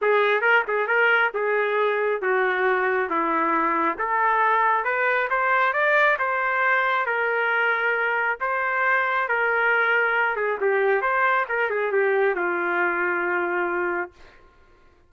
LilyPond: \new Staff \with { instrumentName = "trumpet" } { \time 4/4 \tempo 4 = 136 gis'4 ais'8 gis'8 ais'4 gis'4~ | gis'4 fis'2 e'4~ | e'4 a'2 b'4 | c''4 d''4 c''2 |
ais'2. c''4~ | c''4 ais'2~ ais'8 gis'8 | g'4 c''4 ais'8 gis'8 g'4 | f'1 | }